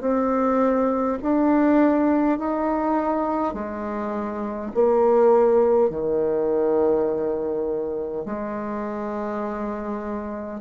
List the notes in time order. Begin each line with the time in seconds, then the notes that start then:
0.00 C4
1.22 D4
2.38 D#4
3.53 G#3
4.74 A#3
5.90 D#3
8.25 G#3